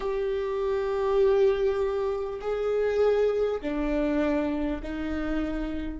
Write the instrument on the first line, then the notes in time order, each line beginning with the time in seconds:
viola
0.00 G4
2.41 G#4
3.61 D4
4.82 D#4